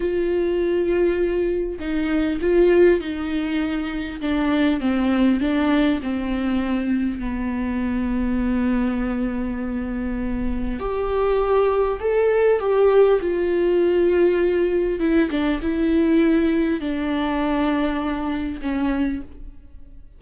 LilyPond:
\new Staff \with { instrumentName = "viola" } { \time 4/4 \tempo 4 = 100 f'2. dis'4 | f'4 dis'2 d'4 | c'4 d'4 c'2 | b1~ |
b2 g'2 | a'4 g'4 f'2~ | f'4 e'8 d'8 e'2 | d'2. cis'4 | }